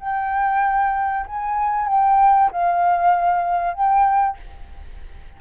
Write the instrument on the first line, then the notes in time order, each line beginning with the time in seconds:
flute
0.00 G5
1.27 G#5
1.88 G5
2.52 F5
3.74 G5